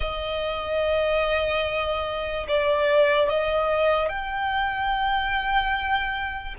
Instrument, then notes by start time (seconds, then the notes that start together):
violin
0.00 D#5
2.48 D5
3.29 D#5
4.08 G5